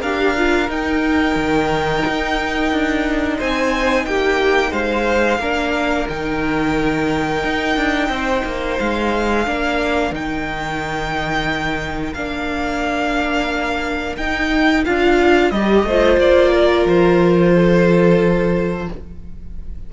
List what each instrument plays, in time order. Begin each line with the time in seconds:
0.00 cello D4, viola G4, violin A#4 F5
0.37 viola F4
0.69 viola D#4, cello D#4, violin G5
1.36 cello D#3
2.07 cello D#4
2.71 cello D4
3.38 cello C4, violin C5 G#5
4.05 cello A#3, violin G4 G5
4.71 cello G#3, violin C5 F5
5.39 cello A#3, viola D4, violin A#4
6.09 cello D#3, viola D#4, violin G5
7.44 cello D#4
7.76 cello D4
8.09 cello C4, violin C5
8.45 cello A#3
8.79 cello G#3, violin F5
9.44 cello A#3, viola D4, violin A#4
10.11 cello D#3, viola D#4, violin G5
12.13 cello A#3, viola D4, violin F5
14.17 cello D#4, viola D#4, violin G5
14.85 cello D4, viola F4, violin F5
15.51 cello G3, viola G4, violin D#5
15.83 cello A3, violin C5
15.89 viola F4
16.18 cello A#3, violin D5
16.52 violin A#4
16.86 cello F3, violin C5
17.54 violin A4